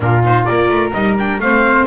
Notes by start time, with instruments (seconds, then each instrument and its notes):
0.00 double bass A#2, viola D4, flute F4, trumpet A#4
0.23 viola D#4, trumpet C5
0.44 double bass A#3, viola F4, flute A#4, trumpet D5
0.68 double bass A3
0.93 double bass G3, viola D#4, trumpet D#5
1.18 viola D4, trumpet G5
1.38 double bass A3, viola C4, flute C5, trumpet F5